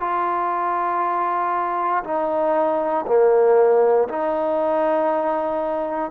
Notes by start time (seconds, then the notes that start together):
0.00 F4
2.04 D#4
3.06 A#3
4.08 D#4